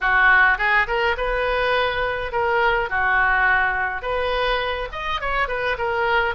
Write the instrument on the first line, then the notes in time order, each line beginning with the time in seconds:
oboe
0.00 F#4
0.57 G#4
0.87 A#4
1.17 B4
2.32 A#4
2.89 F#4
4.01 B4
4.92 D#5
5.21 C#5
5.48 B4
5.78 A#4